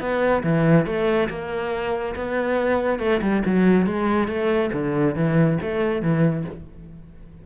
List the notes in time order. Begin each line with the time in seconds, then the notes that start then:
0.00 B3
0.43 E3
0.86 A3
1.29 A#3
2.15 B3
2.99 A3
3.21 G3
3.45 F#3
3.86 G#3
4.28 A3
4.73 D3
5.15 E3
5.62 A3
6.02 E3